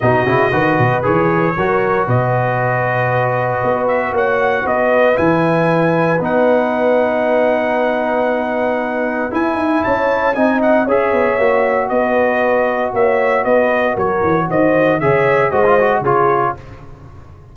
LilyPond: <<
  \new Staff \with { instrumentName = "trumpet" } { \time 4/4 \tempo 4 = 116 dis''2 cis''2 | dis''2.~ dis''8 e''8 | fis''4 dis''4 gis''2 | fis''1~ |
fis''2 gis''4 a''4 | gis''8 fis''8 e''2 dis''4~ | dis''4 e''4 dis''4 cis''4 | dis''4 e''4 dis''4 cis''4 | }
  \new Staff \with { instrumentName = "horn" } { \time 4/4 fis'4 b'2 ais'4 | b'1 | cis''4 b'2.~ | b'1~ |
b'2. cis''4 | dis''4 cis''2 b'4~ | b'4 cis''4 b'4 ais'4 | c''4 cis''4 c''4 gis'4 | }
  \new Staff \with { instrumentName = "trombone" } { \time 4/4 dis'8 e'8 fis'4 gis'4 fis'4~ | fis'1~ | fis'2 e'2 | dis'1~ |
dis'2 e'2 | dis'4 gis'4 fis'2~ | fis'1~ | fis'4 gis'4 fis'16 f'16 fis'8 f'4 | }
  \new Staff \with { instrumentName = "tuba" } { \time 4/4 b,8 cis8 dis8 b,8 e4 fis4 | b,2. b4 | ais4 b4 e2 | b1~ |
b2 e'8 dis'8 cis'4 | c'4 cis'8 b8 ais4 b4~ | b4 ais4 b4 fis8 e8 | dis4 cis4 gis4 cis4 | }
>>